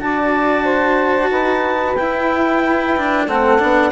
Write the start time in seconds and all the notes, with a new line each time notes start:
0.00 D4 F#4 D5 A5
0.64 C5
1.30 D#4 B4
1.95 E4 G5
2.97 D4
3.26 A3 C4 A4 F#5
3.58 B3 D4